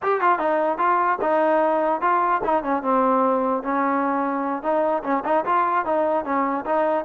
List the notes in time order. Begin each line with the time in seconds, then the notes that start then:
0.02 G4
0.21 F4
0.38 D#4
0.78 F4
1.21 D#4
2.01 F4
2.44 D#4
2.63 C#4
2.82 C4
3.63 C#4
4.62 D#4
5.03 C#4
5.24 D#4
5.45 F4
5.85 D#4
6.24 C#4
6.65 D#4